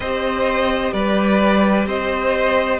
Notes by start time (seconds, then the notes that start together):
0.00 C4 G4 C5 D#5
0.93 G3 B4 D5
1.86 C4 C5 D#5